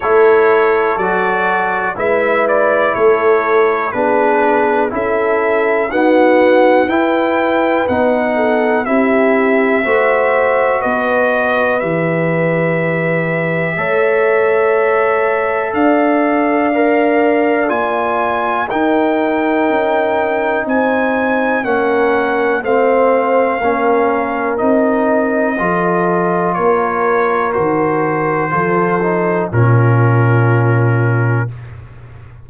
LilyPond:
<<
  \new Staff \with { instrumentName = "trumpet" } { \time 4/4 \tempo 4 = 61 cis''4 d''4 e''8 d''8 cis''4 | b'4 e''4 fis''4 g''4 | fis''4 e''2 dis''4 | e''1 |
f''2 gis''4 g''4~ | g''4 gis''4 fis''4 f''4~ | f''4 dis''2 cis''4 | c''2 ais'2 | }
  \new Staff \with { instrumentName = "horn" } { \time 4/4 a'2 b'4 a'4 | gis'4 a'4 fis'4 b'4~ | b'8 a'8 g'4 c''4 b'4~ | b'2 cis''2 |
d''2. ais'4~ | ais'4 c''4 ais'4 c''4 | ais'2 a'4 ais'4~ | ais'4 a'4 f'2 | }
  \new Staff \with { instrumentName = "trombone" } { \time 4/4 e'4 fis'4 e'2 | d'4 e'4 b4 e'4 | dis'4 e'4 fis'2 | g'2 a'2~ |
a'4 ais'4 f'4 dis'4~ | dis'2 cis'4 c'4 | cis'4 dis'4 f'2 | fis'4 f'8 dis'8 cis'2 | }
  \new Staff \with { instrumentName = "tuba" } { \time 4/4 a4 fis4 gis4 a4 | b4 cis'4 dis'4 e'4 | b4 c'4 a4 b4 | e2 a2 |
d'2 ais4 dis'4 | cis'4 c'4 ais4 a4 | ais4 c'4 f4 ais4 | dis4 f4 ais,2 | }
>>